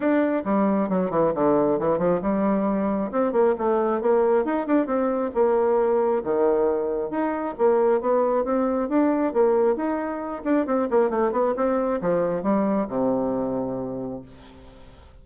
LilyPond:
\new Staff \with { instrumentName = "bassoon" } { \time 4/4 \tempo 4 = 135 d'4 g4 fis8 e8 d4 | e8 f8 g2 c'8 ais8 | a4 ais4 dis'8 d'8 c'4 | ais2 dis2 |
dis'4 ais4 b4 c'4 | d'4 ais4 dis'4. d'8 | c'8 ais8 a8 b8 c'4 f4 | g4 c2. | }